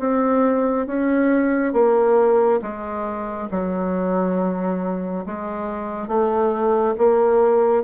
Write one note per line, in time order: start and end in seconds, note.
0.00 0.87 C4
0.87 1.74 C#4
1.74 2.60 A#3
2.62 3.49 G#3
3.52 5.26 F#3
5.26 6.08 G#3
6.08 6.95 A3
6.98 7.84 A#3